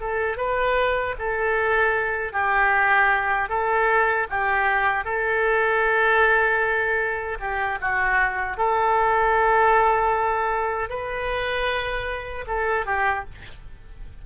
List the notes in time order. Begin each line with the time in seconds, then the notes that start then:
0.00 A4
0.37 B4
1.19 A4
2.32 G4
3.49 A4
4.29 G4
5.04 A4
7.40 G4
7.81 F#4
8.57 A4
10.89 B4
12.47 A4
12.86 G4